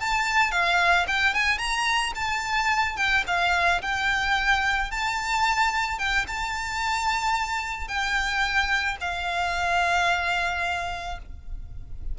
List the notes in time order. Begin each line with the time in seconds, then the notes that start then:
0.00 A5
0.51 F5
1.07 G5
1.34 G#5
1.58 A#5
2.15 A5
2.96 G5
3.27 F5
3.82 G5
4.91 A5
5.99 G5
6.27 A5
7.87 G5
9.00 F5